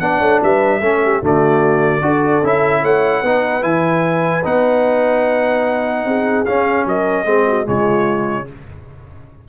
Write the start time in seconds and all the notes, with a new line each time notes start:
0.00 B3 D4 D5 F#5
0.20 A3 C#5
0.43 G3 B4 E5
0.80 A3 C#4 A4
1.04 G4
1.22 D3 A3 F#4 D5
2.02 D4 F#4 A4
2.44 C#4 E4 E5
2.82 A3 C#5 F#5
3.21 B3 D#4 B4
3.62 E3 E4 G#5
4.44 B3 D#4 F#5
6.05 C4 G#4
6.46 C#4 F5
6.85 F#3 A#4 D#5
7.25 G#3 C4 G#4
7.47 F#4
7.65 C#3 G#3 F4 C#5